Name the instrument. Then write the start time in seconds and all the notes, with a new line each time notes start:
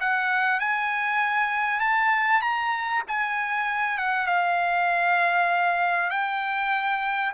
trumpet
0.00 F#5
0.60 G#5
1.80 A5
2.41 A#5
3.08 G#5
3.97 F#5
4.26 F5
6.10 G5